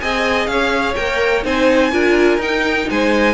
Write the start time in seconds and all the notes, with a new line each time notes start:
0.00 C4 G#4 D#5 G#5
0.46 C#4 C#5 F5
0.95 A#3 A#4 G5
1.43 C4 D#4 C5 G#5
1.91 D4 F4 A#4
2.37 D#4 G5
2.90 G#3 C5 G#5